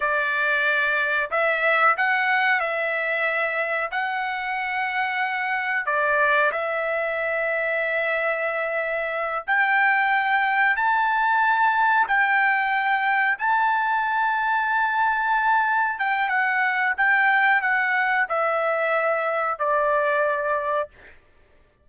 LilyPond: \new Staff \with { instrumentName = "trumpet" } { \time 4/4 \tempo 4 = 92 d''2 e''4 fis''4 | e''2 fis''2~ | fis''4 d''4 e''2~ | e''2~ e''8 g''4.~ |
g''8 a''2 g''4.~ | g''8 a''2.~ a''8~ | a''8 g''8 fis''4 g''4 fis''4 | e''2 d''2 | }